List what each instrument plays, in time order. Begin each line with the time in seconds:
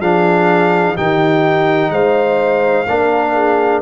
0.00 tuba F3, trombone D4, horn G#4, trumpet F5
0.95 tuba D#3, trombone D#4, horn G4, trumpet G5
1.91 tuba G#3, horn C5, trumpet F5
2.89 tuba A#3, trombone D4, horn A#4
3.35 horn G#4